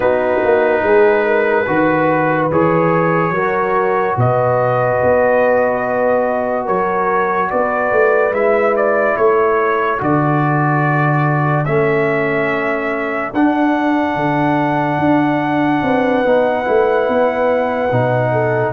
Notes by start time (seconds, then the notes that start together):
0.00 B3 D#4 F#4 B4
0.44 A#3
0.83 G#3 G#4
1.24 A#4
1.66 D#3 F#4 B4
2.51 E3 G#4 C#5
3.30 F#3 F#4 A#4
4.16 B2 B4 D#5
5.03 B3
6.64 F#3 A#4 C#5
7.50 B3 B4 D5
7.92 A3
8.31 G#3 E4 E5
8.76 D5
9.16 A3 A4 C#5
9.98 D3 F#4 D5
11.65 A3 C#4 E5
13.33 D4 F#5
14.15 D3
14.98 D4
15.82 C4 B4
16.24 B3 D#4
16.64 A3 E4
17.08 B3
17.91 B2 D#4
18.31 A4